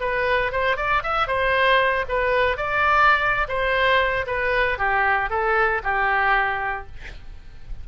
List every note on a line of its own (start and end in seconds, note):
0.00 0.52 B4
0.52 0.77 C5
0.77 1.03 D5
1.03 1.27 E5
1.27 2.05 C5
2.09 2.57 B4
2.57 3.47 D5
3.48 4.26 C5
4.26 4.78 B4
4.78 5.30 G4
5.30 5.81 A4
5.83 6.87 G4